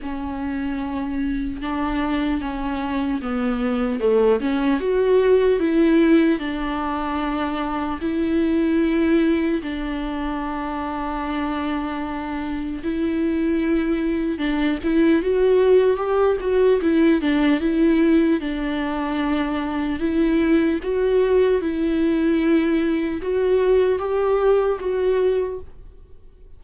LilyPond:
\new Staff \with { instrumentName = "viola" } { \time 4/4 \tempo 4 = 75 cis'2 d'4 cis'4 | b4 a8 cis'8 fis'4 e'4 | d'2 e'2 | d'1 |
e'2 d'8 e'8 fis'4 | g'8 fis'8 e'8 d'8 e'4 d'4~ | d'4 e'4 fis'4 e'4~ | e'4 fis'4 g'4 fis'4 | }